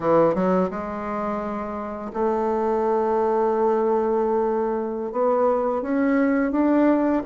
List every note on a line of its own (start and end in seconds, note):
0.00 0.34 E3
0.34 0.70 F#3
0.70 2.11 G#3
2.13 5.12 A3
5.12 5.82 B3
5.82 6.51 C#4
6.51 7.22 D4